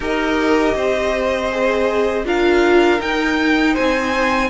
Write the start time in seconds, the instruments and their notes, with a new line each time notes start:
0.00 cello D#4, viola G4, violin A#4 D#5
0.75 cello C4, violin C5
1.51 viola G#4
2.25 cello D4, viola F4, violin A#4 F5
2.99 viola D#4, cello D#4, violin G5
3.73 cello C4, violin C5 G#5